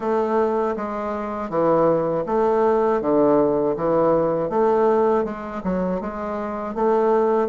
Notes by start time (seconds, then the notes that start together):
0.00 A3
0.76 G#3
1.49 E3
2.26 A3
3.01 D3
3.76 E3
4.49 A3
5.24 G#3
5.63 F#3
6.00 G#3
6.74 A3